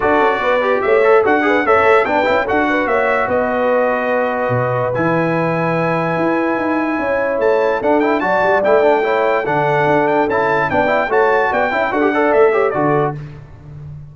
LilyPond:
<<
  \new Staff \with { instrumentName = "trumpet" } { \time 4/4 \tempo 4 = 146 d''2 e''4 fis''4 | e''4 g''4 fis''4 e''4 | dis''1 | gis''1~ |
gis''2 a''4 fis''8 g''8 | a''4 g''2 fis''4~ | fis''8 g''8 a''4 g''4 a''4 | g''4 fis''4 e''4 d''4 | }
  \new Staff \with { instrumentName = "horn" } { \time 4/4 a'4 b'4 cis''4 a'8 b'8 | cis''4 b'4 a'8 b'8 cis''4 | b'1~ | b'1~ |
b'4 cis''2 a'4 | d''2 cis''4 a'4~ | a'2 d''4 cis''4 | d''8 e''8 a'8 d''4 cis''8 a'4 | }
  \new Staff \with { instrumentName = "trombone" } { \time 4/4 fis'4. g'4 a'8 fis'8 gis'8 | a'4 d'8 e'8 fis'2~ | fis'1 | e'1~ |
e'2. d'8 e'8 | fis'4 e'8 d'8 e'4 d'4~ | d'4 e'4 d'8 e'8 fis'4~ | fis'8 e'8 fis'16 g'16 a'4 g'8 fis'4 | }
  \new Staff \with { instrumentName = "tuba" } { \time 4/4 d'8 cis'8 b4 a4 d'4 | a16 cis'16 a8 b8 cis'8 d'4 ais4 | b2. b,4 | e2. e'4 |
dis'4 cis'4 a4 d'4 | fis8 g8 a2 d4 | d'4 cis'4 b4 a4 | b8 cis'8 d'4 a4 d4 | }
>>